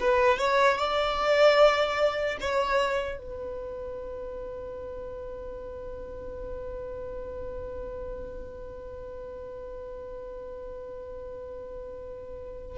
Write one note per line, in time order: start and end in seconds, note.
0.00 0.39 B4
0.39 0.78 C#5
0.78 2.38 D5
2.41 3.19 C#5
3.19 12.78 B4